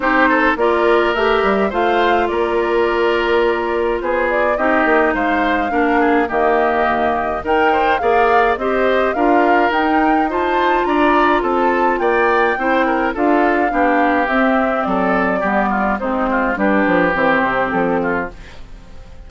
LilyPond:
<<
  \new Staff \with { instrumentName = "flute" } { \time 4/4 \tempo 4 = 105 c''4 d''4 e''4 f''4 | d''2. c''8 d''8 | dis''4 f''2 dis''4~ | dis''4 g''4 f''4 dis''4 |
f''4 g''4 a''4 ais''4 | a''4 g''2 f''4~ | f''4 e''4 d''2 | c''4 b'4 c''4 a'4 | }
  \new Staff \with { instrumentName = "oboe" } { \time 4/4 g'8 a'8 ais'2 c''4 | ais'2. gis'4 | g'4 c''4 ais'8 gis'8 g'4~ | g'4 ais'8 c''8 d''4 c''4 |
ais'2 c''4 d''4 | a'4 d''4 c''8 ais'8 a'4 | g'2 a'4 g'8 f'8 | dis'8 f'8 g'2~ g'8 f'8 | }
  \new Staff \with { instrumentName = "clarinet" } { \time 4/4 dis'4 f'4 g'4 f'4~ | f'1 | dis'2 d'4 ais4~ | ais4 ais'4 gis'4 g'4 |
f'4 dis'4 f'2~ | f'2 e'4 f'4 | d'4 c'2 b4 | c'4 d'4 c'2 | }
  \new Staff \with { instrumentName = "bassoon" } { \time 4/4 c'4 ais4 a8 g8 a4 | ais2. b4 | c'8 ais8 gis4 ais4 dis4 | dis,4 dis'4 ais4 c'4 |
d'4 dis'2 d'4 | c'4 ais4 c'4 d'4 | b4 c'4 fis4 g4 | gis4 g8 f8 e8 c8 f4 | }
>>